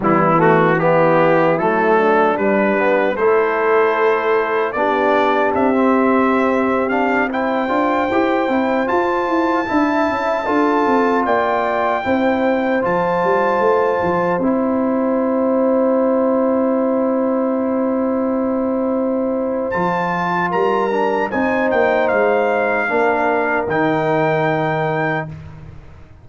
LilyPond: <<
  \new Staff \with { instrumentName = "trumpet" } { \time 4/4 \tempo 4 = 76 e'8 fis'8 g'4 a'4 b'4 | c''2 d''4 e''4~ | e''8. f''8 g''2 a''8.~ | a''2~ a''16 g''4.~ g''16~ |
g''16 a''2 g''4.~ g''16~ | g''1~ | g''4 a''4 ais''4 gis''8 g''8 | f''2 g''2 | }
  \new Staff \with { instrumentName = "horn" } { \time 4/4 b4 e'4. d'4. | a'2 g'2~ | g'4~ g'16 c''2~ c''8.~ | c''16 e''4 a'4 d''4 c''8.~ |
c''1~ | c''1~ | c''2 ais'4 c''4~ | c''4 ais'2. | }
  \new Staff \with { instrumentName = "trombone" } { \time 4/4 g8 a8 b4 a4 g8 b8 | e'2 d'4~ d'16 c'8.~ | c'8. d'8 e'8 f'8 g'8 e'8 f'8.~ | f'16 e'4 f'2 e'8.~ |
e'16 f'2 e'4.~ e'16~ | e'1~ | e'4 f'4. d'8 dis'4~ | dis'4 d'4 dis'2 | }
  \new Staff \with { instrumentName = "tuba" } { \time 4/4 e2 fis4 g4 | a2 b4 c'4~ | c'4.~ c'16 d'8 e'8 c'8 f'8 e'16~ | e'16 d'8 cis'8 d'8 c'8 ais4 c'8.~ |
c'16 f8 g8 a8 f8 c'4.~ c'16~ | c'1~ | c'4 f4 g4 c'8 ais8 | gis4 ais4 dis2 | }
>>